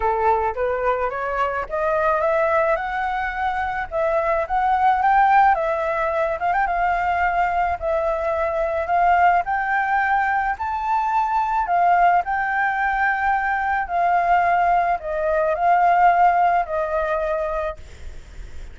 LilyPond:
\new Staff \with { instrumentName = "flute" } { \time 4/4 \tempo 4 = 108 a'4 b'4 cis''4 dis''4 | e''4 fis''2 e''4 | fis''4 g''4 e''4. f''16 g''16 | f''2 e''2 |
f''4 g''2 a''4~ | a''4 f''4 g''2~ | g''4 f''2 dis''4 | f''2 dis''2 | }